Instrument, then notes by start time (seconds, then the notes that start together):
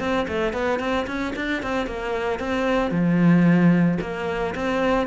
cello
0.00 C4
0.28 A3
0.53 B3
0.80 C4
1.07 C#4
1.36 D4
1.63 C4
1.87 A#3
2.40 C4
2.91 F3
4.01 A#3
4.55 C4